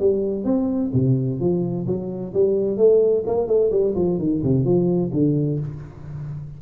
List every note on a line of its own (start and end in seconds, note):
0.00 0.45 G3
0.45 0.91 C4
0.94 1.40 C3
1.40 1.87 F3
1.87 2.34 F#3
2.34 2.78 G3
2.78 3.24 A3
3.27 3.48 A#3
3.48 3.71 A3
3.71 3.95 G3
3.96 4.19 F3
4.19 4.42 D#3
4.44 4.65 C3
4.65 5.12 F3
5.13 5.60 D3